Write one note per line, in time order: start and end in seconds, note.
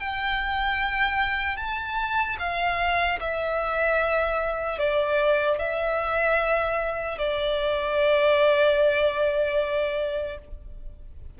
0.00 1.57 G5
1.57 2.37 A5
2.39 3.19 F5
3.20 4.79 E5
4.79 5.59 D5
5.59 7.19 E5
7.19 10.39 D5